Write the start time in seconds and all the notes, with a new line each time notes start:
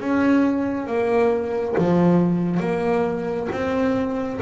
0.00 C#4
0.87 A#3
1.78 F3
2.60 A#3
3.52 C4